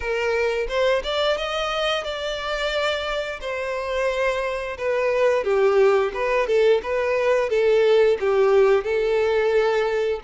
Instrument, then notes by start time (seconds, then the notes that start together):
violin
0.00 A#4
0.68 C5
1.03 D5
1.37 D#5
2.03 D5
3.40 C5
4.77 B4
5.44 G4
6.14 B4
6.47 A4
6.82 B4
7.49 A4
8.19 G4
8.84 A4